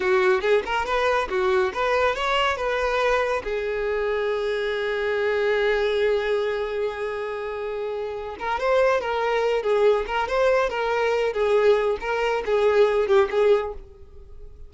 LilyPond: \new Staff \with { instrumentName = "violin" } { \time 4/4 \tempo 4 = 140 fis'4 gis'8 ais'8 b'4 fis'4 | b'4 cis''4 b'2 | gis'1~ | gis'1~ |
gis'2.~ gis'8 ais'8 | c''4 ais'4. gis'4 ais'8 | c''4 ais'4. gis'4. | ais'4 gis'4. g'8 gis'4 | }